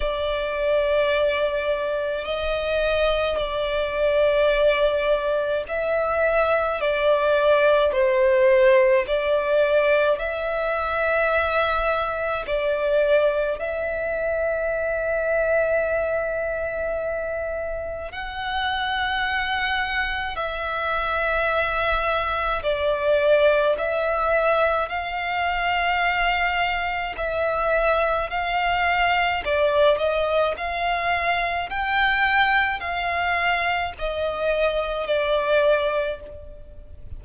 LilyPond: \new Staff \with { instrumentName = "violin" } { \time 4/4 \tempo 4 = 53 d''2 dis''4 d''4~ | d''4 e''4 d''4 c''4 | d''4 e''2 d''4 | e''1 |
fis''2 e''2 | d''4 e''4 f''2 | e''4 f''4 d''8 dis''8 f''4 | g''4 f''4 dis''4 d''4 | }